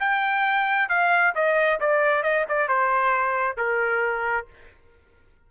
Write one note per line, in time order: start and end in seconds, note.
0.00 0.89 G5
0.89 1.34 F5
1.35 1.80 D#5
1.80 2.23 D5
2.23 2.45 D#5
2.49 2.68 D5
2.68 3.57 C5
3.57 4.47 A#4